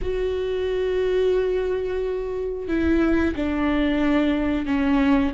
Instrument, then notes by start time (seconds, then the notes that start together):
viola
0.01 F#4
2.68 E4
3.35 D4
4.65 C#4